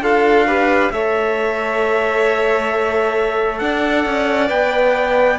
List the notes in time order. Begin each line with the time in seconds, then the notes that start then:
0.00 D4 F4 A4 F5
0.46 G4 B4
0.91 A3 A4 C#5 E5
3.58 D4 D5 F#5
4.05 C#4
4.48 B3 B4 G5